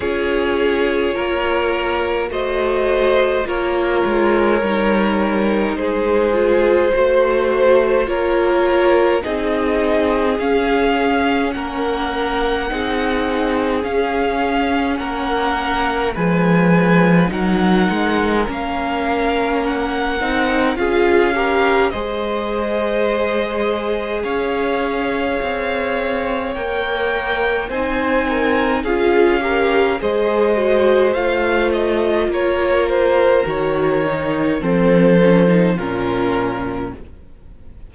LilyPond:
<<
  \new Staff \with { instrumentName = "violin" } { \time 4/4 \tempo 4 = 52 cis''2 dis''4 cis''4~ | cis''4 c''2 cis''4 | dis''4 f''4 fis''2 | f''4 fis''4 gis''4 fis''4 |
f''4 fis''4 f''4 dis''4~ | dis''4 f''2 g''4 | gis''4 f''4 dis''4 f''8 dis''8 | cis''8 c''8 cis''4 c''4 ais'4 | }
  \new Staff \with { instrumentName = "violin" } { \time 4/4 gis'4 ais'4 c''4 ais'4~ | ais'4 gis'4 c''4 ais'4 | gis'2 ais'4 gis'4~ | gis'4 ais'4 b'4 ais'4~ |
ais'2 gis'8 ais'8 c''4~ | c''4 cis''2. | c''8 ais'8 gis'8 ais'8 c''2 | ais'2 a'4 f'4 | }
  \new Staff \with { instrumentName = "viola" } { \time 4/4 f'2 fis'4 f'4 | dis'4. f'8 fis'4 f'4 | dis'4 cis'2 dis'4 | cis'2 gis4 dis'4 |
cis'4. dis'8 f'8 g'8 gis'4~ | gis'2. ais'4 | dis'4 f'8 g'8 gis'8 fis'8 f'4~ | f'4 fis'8 dis'8 c'8 cis'16 dis'16 cis'4 | }
  \new Staff \with { instrumentName = "cello" } { \time 4/4 cis'4 ais4 a4 ais8 gis8 | g4 gis4 a4 ais4 | c'4 cis'4 ais4 c'4 | cis'4 ais4 f4 fis8 gis8 |
ais4. c'8 cis'4 gis4~ | gis4 cis'4 c'4 ais4 | c'4 cis'4 gis4 a4 | ais4 dis4 f4 ais,4 | }
>>